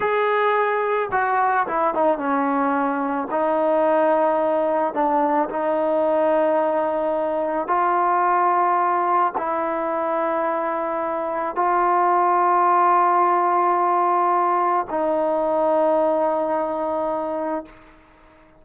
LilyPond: \new Staff \with { instrumentName = "trombone" } { \time 4/4 \tempo 4 = 109 gis'2 fis'4 e'8 dis'8 | cis'2 dis'2~ | dis'4 d'4 dis'2~ | dis'2 f'2~ |
f'4 e'2.~ | e'4 f'2.~ | f'2. dis'4~ | dis'1 | }